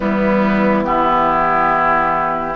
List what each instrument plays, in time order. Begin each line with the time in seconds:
0.00 bassoon E3, clarinet G3, oboe B3, flute E4
0.83 clarinet B3, oboe E4, flute G4